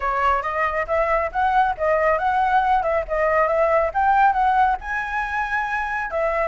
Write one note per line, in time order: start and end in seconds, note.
0.00 0.42 C#5
0.42 0.86 D#5
0.87 1.30 E5
1.32 1.75 F#5
1.77 2.18 D#5
2.18 2.82 F#5
2.82 3.04 E5
3.08 3.47 D#5
3.47 3.91 E5
3.94 4.32 G5
4.32 4.76 F#5
4.80 6.10 G#5
6.10 6.48 E5